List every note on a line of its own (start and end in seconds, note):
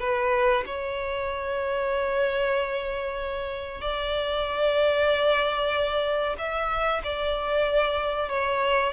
0.00 0.64 B4
0.66 3.81 C#5
3.81 6.37 D5
6.38 7.02 E5
7.04 8.29 D5
8.29 8.93 C#5